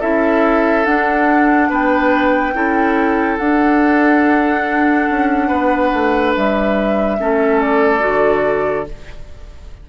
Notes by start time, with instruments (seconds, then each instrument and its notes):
0.00 bassoon C#4, clarinet E4, oboe A4, flute E5
0.86 clarinet D4, bassoon D4, flute F#5
1.70 bassoon B3, oboe B4, flute G5
2.54 bassoon C#4, clarinet E4, oboe A4
3.38 bassoon D4, clarinet D4, flute F#5
5.10 bassoon C#4
5.48 bassoon B3, oboe B4
5.93 bassoon A3
6.36 bassoon G3, flute E5
7.19 bassoon A3, clarinet C#4, oboe A4
7.61 flute D5
7.99 bassoon D3, clarinet F#4